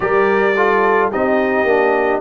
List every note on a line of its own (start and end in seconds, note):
0.00 1.10 G3
0.00 0.52 G4
0.00 0.56 A#4
0.00 1.09 D5
0.56 1.12 F4
0.56 1.10 A4
1.10 1.64 C4
1.10 1.67 D#4
1.10 2.20 G4
1.10 2.20 D#5
1.64 2.19 A#3
1.64 2.20 D4